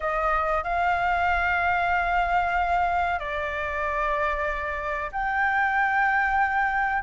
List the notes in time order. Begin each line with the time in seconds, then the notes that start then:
0.00 D#5
0.63 F5
3.19 D5
5.12 G5